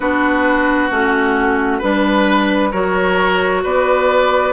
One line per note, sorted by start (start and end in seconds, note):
0.00 0.90 B3
0.00 0.91 D4
0.00 1.78 F#4
0.00 0.90 B4
0.90 1.81 A3
0.90 1.81 C#4
0.90 1.82 F#4
1.78 2.73 G3
1.78 2.72 D4
1.78 2.69 B4
1.78 2.72 B4
2.71 3.64 F#3
2.71 4.53 F#4
2.71 3.62 A#4
2.71 3.62 C#5
3.63 4.53 B3
3.63 4.53 B4
3.63 4.53 D5